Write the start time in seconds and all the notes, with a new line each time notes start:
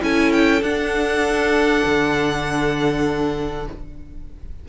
0.00 C#4 E4 A4 G#5
0.32 G5
0.62 D4 F#5
1.85 D3